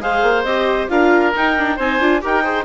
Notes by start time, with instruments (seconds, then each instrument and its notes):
0.00 bassoon G#3, viola G#4, oboe C5, clarinet F5
0.22 bassoon A#3
0.44 bassoon C4, viola G4, clarinet D#5
0.88 bassoon D4, viola F4, oboe A#4, clarinet F5
1.35 viola D#4, bassoon D#4, clarinet G5
1.57 viola D4
1.76 bassoon C4, viola D#4, oboe C5, clarinet G#5
1.99 bassoon D4, viola F4
2.21 bassoon D#4, viola G4, oboe A#4, clarinet G5
2.43 viola G#4, oboe C5